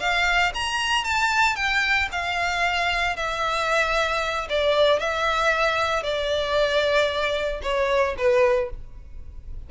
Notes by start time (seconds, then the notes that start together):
0.00 F5
0.55 A#5
1.04 A5
1.56 G5
2.12 F5
3.16 E5
4.49 D5
5.00 E5
6.03 D5
7.63 C#5
8.18 B4